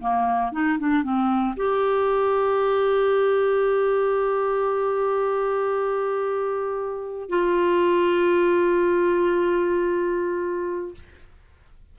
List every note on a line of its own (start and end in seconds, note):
0.00 0.52 A#3
0.52 0.78 D#4
0.78 1.03 D4
1.03 1.55 C4
1.56 7.29 G4
7.29 10.94 F4